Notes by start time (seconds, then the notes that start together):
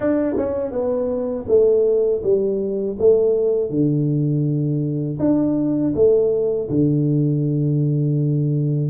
0.00 D4
0.37 C#4
0.71 B3
1.48 A3
2.23 G3
2.98 A3
3.70 D3
5.19 D4
5.95 A3
6.69 D3